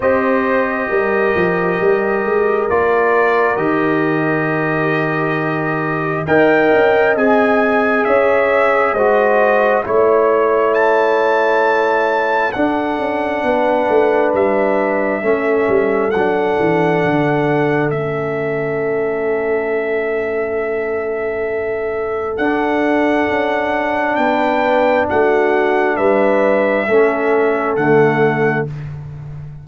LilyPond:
<<
  \new Staff \with { instrumentName = "trumpet" } { \time 4/4 \tempo 4 = 67 dis''2. d''4 | dis''2. g''4 | gis''4 e''4 dis''4 cis''4 | a''2 fis''2 |
e''2 fis''2 | e''1~ | e''4 fis''2 g''4 | fis''4 e''2 fis''4 | }
  \new Staff \with { instrumentName = "horn" } { \time 4/4 c''4 ais'2.~ | ais'2. dis''4~ | dis''4 cis''4 c''4 cis''4~ | cis''2 a'4 b'4~ |
b'4 a'2.~ | a'1~ | a'2. b'4 | fis'4 b'4 a'2 | }
  \new Staff \with { instrumentName = "trombone" } { \time 4/4 g'2. f'4 | g'2. ais'4 | gis'2 fis'4 e'4~ | e'2 d'2~ |
d'4 cis'4 d'2 | cis'1~ | cis'4 d'2.~ | d'2 cis'4 a4 | }
  \new Staff \with { instrumentName = "tuba" } { \time 4/4 c'4 g8 f8 g8 gis8 ais4 | dis2. dis'8 cis'8 | c'4 cis'4 gis4 a4~ | a2 d'8 cis'8 b8 a8 |
g4 a8 g8 fis8 e8 d4 | a1~ | a4 d'4 cis'4 b4 | a4 g4 a4 d4 | }
>>